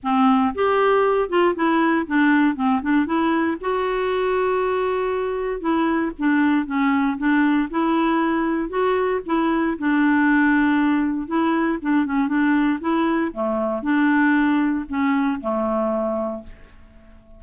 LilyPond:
\new Staff \with { instrumentName = "clarinet" } { \time 4/4 \tempo 4 = 117 c'4 g'4. f'8 e'4 | d'4 c'8 d'8 e'4 fis'4~ | fis'2. e'4 | d'4 cis'4 d'4 e'4~ |
e'4 fis'4 e'4 d'4~ | d'2 e'4 d'8 cis'8 | d'4 e'4 a4 d'4~ | d'4 cis'4 a2 | }